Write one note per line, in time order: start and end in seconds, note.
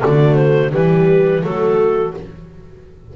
0.00 0.74 D3
0.00 0.71 A3
0.00 0.73 F#4
0.00 0.35 D5
0.35 0.70 C5
0.72 1.44 E3
0.72 1.42 G3
0.72 1.44 G4
0.72 1.44 B4
1.42 2.14 F#3
1.42 2.13 A3
1.42 2.16 F#4
1.42 2.14 A4